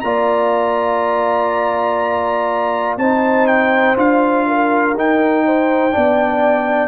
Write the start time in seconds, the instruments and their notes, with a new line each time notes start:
0.00 tuba A#3, trombone F4, horn D5, trumpet A#5
2.97 tuba C4, trombone D#4, horn C5, trumpet A5
3.47 trumpet G5
3.96 tuba D4, trombone F4, trumpet F5
4.47 horn A#4
4.94 tuba D#4, trombone D#4, trumpet G5
5.45 horn C5
5.91 tuba B3, trombone D4, horn D5